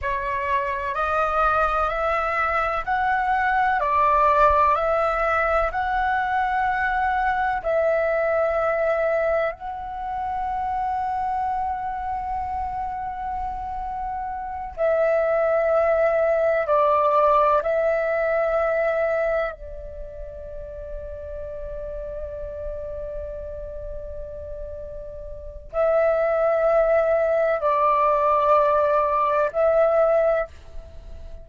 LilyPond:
\new Staff \with { instrumentName = "flute" } { \time 4/4 \tempo 4 = 63 cis''4 dis''4 e''4 fis''4 | d''4 e''4 fis''2 | e''2 fis''2~ | fis''2.~ fis''8 e''8~ |
e''4. d''4 e''4.~ | e''8 d''2.~ d''8~ | d''2. e''4~ | e''4 d''2 e''4 | }